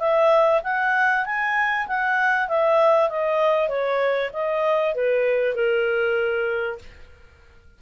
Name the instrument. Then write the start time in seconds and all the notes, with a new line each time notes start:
clarinet
0.00 E5
0.64 F#5
1.26 G#5
1.88 F#5
2.49 E5
3.10 D#5
3.69 C#5
4.34 D#5
4.95 B4
5.55 A#4